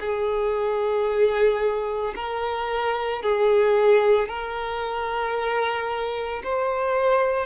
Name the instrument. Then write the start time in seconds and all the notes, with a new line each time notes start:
violin
0.00 G#4
2.15 A#4
3.22 G#4
4.29 A#4
6.44 C5